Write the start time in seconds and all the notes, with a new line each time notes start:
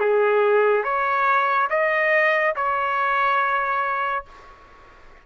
0.00 G#4
0.84 C#5
1.70 D#5
2.56 C#5